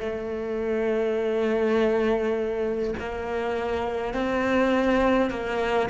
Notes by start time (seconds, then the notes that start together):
0.00 A3
2.99 A#3
4.14 C4
5.30 A#3